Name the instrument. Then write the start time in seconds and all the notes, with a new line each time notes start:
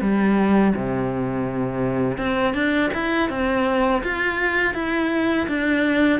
cello
0.00 G3
0.75 C3
2.18 C4
2.54 D4
2.93 E4
3.29 C4
4.03 F4
4.74 E4
5.48 D4